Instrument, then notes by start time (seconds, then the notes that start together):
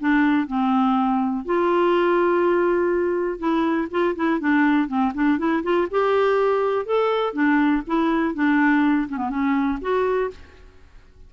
clarinet
0.00 D4
0.47 C4
1.45 F4
3.39 E4
3.91 F4
4.16 E4
4.40 D4
4.88 C4
5.14 D4
5.38 E4
5.63 F4
5.91 G4
6.86 A4
7.33 D4
7.87 E4
8.34 D4
9.09 C#4
9.17 B3
9.30 C#4
9.81 F#4